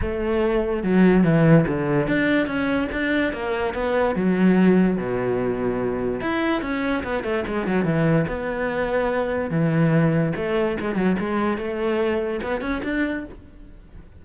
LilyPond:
\new Staff \with { instrumentName = "cello" } { \time 4/4 \tempo 4 = 145 a2 fis4 e4 | d4 d'4 cis'4 d'4 | ais4 b4 fis2 | b,2. e'4 |
cis'4 b8 a8 gis8 fis8 e4 | b2. e4~ | e4 a4 gis8 fis8 gis4 | a2 b8 cis'8 d'4 | }